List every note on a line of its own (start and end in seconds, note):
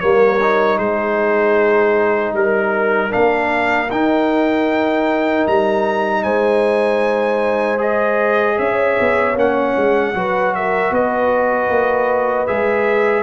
0.00 0.79 G3
0.00 0.40 A#3
0.00 0.78 A#4
0.00 0.78 C#5
0.42 3.10 D#4
0.78 2.33 G#3
0.78 2.34 G#4
0.78 2.34 C5
2.33 3.11 G3
2.33 3.13 A#4
2.33 6.23 A#4
3.10 3.91 A#3
3.10 3.88 D4
3.10 3.91 F5
3.91 5.47 D#4
3.91 7.78 D#4
3.91 5.47 G5
5.47 6.25 G3
5.47 6.23 A#5
6.23 8.59 G#3
6.23 8.57 C5
6.23 7.79 G#5
7.78 9.34 G#4
7.78 8.59 D#5
8.58 8.98 C#4
8.58 10.13 C#5
8.58 9.37 E5
9.00 9.36 B3
9.36 9.75 A#3
9.36 10.14 C#4
9.36 10.55 F#5
9.77 10.14 G#3
10.14 10.91 F#3
10.14 12.47 F#4
10.14 10.55 B4
10.55 10.93 A#4
10.55 10.94 E5
10.91 11.69 B3
10.91 13.23 B4
10.91 12.47 D#5
11.69 12.47 A#3
12.47 13.23 G#3
12.47 13.23 G#4
12.47 13.23 E5